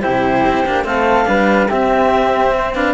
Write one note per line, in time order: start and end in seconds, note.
0.00 0.65 E4
0.00 0.85 G4
0.00 0.84 C5
0.06 0.46 C3
0.46 0.65 C4
0.65 0.84 A#3
0.65 0.85 D4
0.84 1.26 A3
0.84 1.25 C4
0.84 1.28 A4
0.84 1.69 F5
1.25 1.70 G3
1.25 1.67 D4
1.25 1.69 B4
1.69 2.75 C4
1.69 2.94 C4
1.69 2.53 G4
1.69 2.74 E5
2.57 2.75 C5
2.74 2.94 D4
2.74 2.94 B4
2.74 2.94 F5